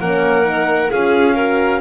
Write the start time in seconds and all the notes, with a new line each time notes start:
0.00 A#3 C#4 A#4 F#5
0.43 D#4
0.91 C#4 F4 G#4 F5
1.35 F#4 A#4